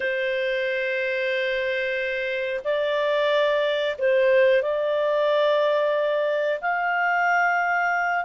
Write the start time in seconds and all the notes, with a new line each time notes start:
0.00 C5
2.64 D5
3.98 C5
4.62 D5
6.61 F5